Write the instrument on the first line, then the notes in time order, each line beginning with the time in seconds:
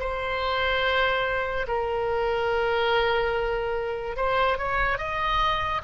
oboe
0.00 C5
1.68 A#4
4.17 C5
4.58 C#5
4.98 D#5